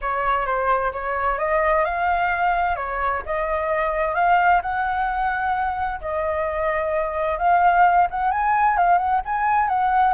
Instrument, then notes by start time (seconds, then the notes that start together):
flute
0.01 C#5
0.46 C5
0.92 C#5
1.38 D#5
1.84 F5
2.76 C#5
3.25 D#5
4.15 F5
4.62 F#5
6.00 D#5
7.38 F5
8.10 F#5
8.31 G#5
8.77 F5
8.98 F#5
9.25 G#5
9.68 F#5